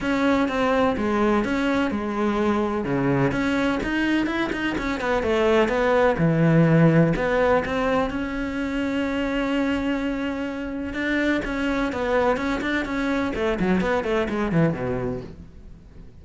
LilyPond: \new Staff \with { instrumentName = "cello" } { \time 4/4 \tempo 4 = 126 cis'4 c'4 gis4 cis'4 | gis2 cis4 cis'4 | dis'4 e'8 dis'8 cis'8 b8 a4 | b4 e2 b4 |
c'4 cis'2.~ | cis'2. d'4 | cis'4 b4 cis'8 d'8 cis'4 | a8 fis8 b8 a8 gis8 e8 b,4 | }